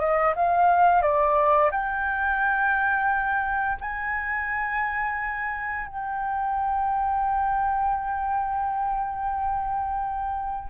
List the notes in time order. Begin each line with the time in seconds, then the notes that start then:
0.00 D#5
0.36 F5
1.02 D5
1.71 G5
3.81 G#5
5.87 G5